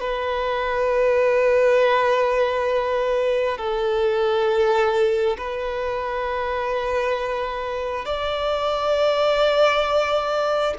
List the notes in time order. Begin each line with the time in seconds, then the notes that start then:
0.00 B4
3.57 A4
5.37 B4
8.05 D5